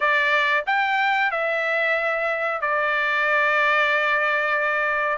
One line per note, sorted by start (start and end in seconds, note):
0.00 0.64 D5
0.66 1.31 G5
1.31 2.61 E5
2.61 5.17 D5